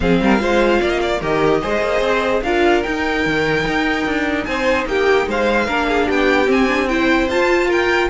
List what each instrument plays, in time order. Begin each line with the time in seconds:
0.00 cello F3, viola C4, violin G#4 F5
0.21 cello G3, violin A#4
0.39 cello G#3, viola F4, violin C5
0.81 cello A#3, violin D5
0.90 violin D#5
1.01 violin D5
1.20 cello D#3, viola G4, violin A#4 D#5
1.61 cello G#3, viola G#4, violin C5
1.81 cello A#3
2.00 cello C4
2.42 cello D4, viola F4, violin A#4 F5
2.83 viola D#4, cello D#4, violin G5
3.26 cello D#3
3.67 cello D#4
4.06 cello D4
4.44 cello C4, violin C5 G#5
4.85 cello A#3, violin G4 G5
5.27 cello G#3, violin C5 F5
5.66 cello A#3, viola D4, violin A#4
5.87 violin G#4
6.06 cello B3, violin G4 G5
6.46 viola C4, cello C4, violin G#5
6.67 viola D4
6.88 viola E4, violin C5 G5
7.27 cello F4, viola F4, violin A5
7.68 violin A#4 G5